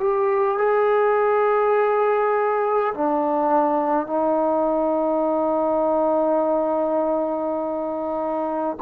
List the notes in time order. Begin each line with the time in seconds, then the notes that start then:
0.00 G4
0.58 G#4
2.95 D4
4.07 D#4